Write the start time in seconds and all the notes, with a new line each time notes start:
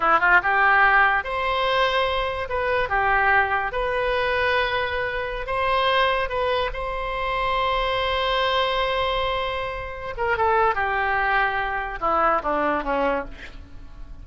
0.00 E4
0.19 F4
0.43 G4
1.24 C5
2.49 B4
2.89 G4
3.72 B4
5.46 C5
6.29 B4
6.73 C5
10.17 A#4
10.37 A4
10.75 G4
12.00 E4
12.42 D4
12.83 C#4